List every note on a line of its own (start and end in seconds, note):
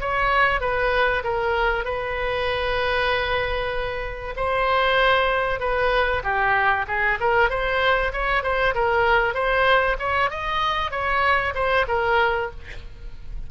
0.00 0.60 C#5
0.60 1.23 B4
1.24 1.84 A#4
1.84 4.34 B4
4.36 5.60 C5
5.60 6.22 B4
6.23 6.86 G4
6.87 7.18 G#4
7.20 7.49 A#4
7.49 8.12 C5
8.12 8.43 C#5
8.43 8.74 C5
8.74 9.34 A#4
9.34 9.96 C5
9.99 10.30 C#5
10.30 10.91 D#5
10.91 11.53 C#5
11.54 11.86 C5
11.88 12.50 A#4